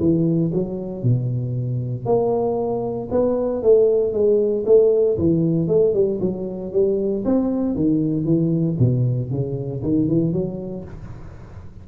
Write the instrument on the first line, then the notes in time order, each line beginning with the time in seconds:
tuba
0.00 E3
0.54 F#3
1.03 B2
2.06 A#3
3.11 B3
3.63 A3
4.13 G#3
4.66 A3
5.18 E3
5.68 A3
5.94 G3
6.21 F#3
6.73 G3
7.25 C4
7.76 D#3
8.25 E3
8.79 B2
9.31 C#3
9.83 D#3
10.08 E3
10.33 F#3